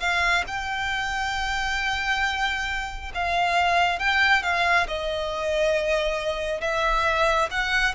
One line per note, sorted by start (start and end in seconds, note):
0.00 0.44 F5
0.47 3.12 G5
3.15 3.99 F5
3.99 4.43 G5
4.43 4.87 F5
4.88 6.61 D#5
6.61 7.49 E5
7.51 7.95 F#5